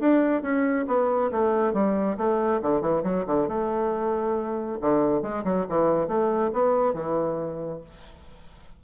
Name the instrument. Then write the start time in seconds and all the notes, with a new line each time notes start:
bassoon
0.00 D4
0.42 C#4
0.87 B3
1.31 A3
1.73 G3
2.17 A3
2.62 D3
2.81 E3
3.03 F#3
3.27 D3
3.48 A3
4.81 D3
5.22 G#3
5.44 F#3
5.69 E3
6.08 A3
6.53 B3
6.94 E3